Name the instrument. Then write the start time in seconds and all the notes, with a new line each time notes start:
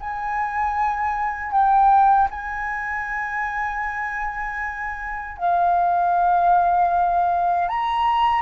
flute
0.00 G#5
1.52 G5
2.30 G#5
5.38 F5
7.69 A#5